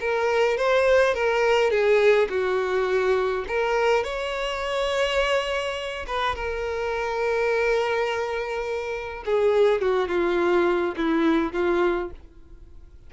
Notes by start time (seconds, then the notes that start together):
0.00 A#4
0.57 C5
1.14 A#4
1.70 G#4
2.29 F#4
3.47 A#4
4.04 C#5
6.07 B4
6.35 A#4
9.25 G#4
9.81 F#4
10.08 F4
10.96 E4
11.53 F4